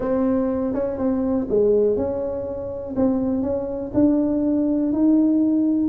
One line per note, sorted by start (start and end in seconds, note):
0.00 0.74 C4
0.74 0.98 C#4
0.98 1.47 C4
1.49 1.96 G#3
1.96 2.94 C#4
2.96 3.42 C4
3.42 3.91 C#4
3.94 4.92 D4
4.92 5.89 D#4